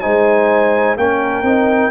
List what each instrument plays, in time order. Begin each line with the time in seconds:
0.00 tuba G#3, trombone D#4, horn C5, trumpet G#5
0.96 tuba A#3, trombone C#4, horn A#4, trumpet G5
1.42 tuba C4, trombone D#4